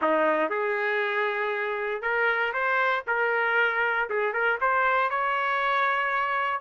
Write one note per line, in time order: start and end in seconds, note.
0.01 0.49 D#4
0.49 2.02 G#4
2.02 2.53 A#4
2.53 3.03 C5
3.07 4.09 A#4
4.09 4.33 G#4
4.33 4.58 A#4
4.61 5.09 C5
5.09 6.60 C#5